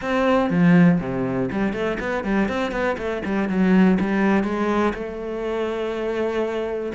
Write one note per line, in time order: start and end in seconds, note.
0.01 0.50 C4
0.50 0.99 F3
1.00 1.49 C3
1.51 1.73 G3
1.73 1.98 A3
1.99 2.23 B3
2.23 2.48 G3
2.48 2.71 C4
2.71 2.96 B3
2.97 3.22 A3
3.25 3.48 G3
3.48 3.98 F#3
3.99 4.43 G3
4.43 4.93 G#3
4.94 6.92 A3